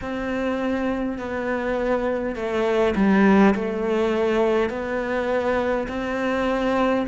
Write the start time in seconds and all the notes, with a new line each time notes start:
0.01 C4
1.18 B3
2.35 A3
2.95 G3
3.55 A3
4.69 B3
5.88 C4